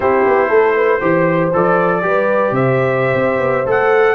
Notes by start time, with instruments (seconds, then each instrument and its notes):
0.00 tuba C4, trombone E4, horn G4, trumpet C5
0.26 tuba B3
0.48 tuba A3, horn A4
0.75 horn B4
1.00 tuba E3, trombone G4, horn C5
1.53 tuba F3, trombone A4, trumpet D5
2.02 tuba G3, trombone G4, horn B4
2.51 tuba C3, horn C5, trumpet E5
3.14 tuba C4
3.38 tuba B3
3.66 tuba A3, trombone A4, trumpet F#5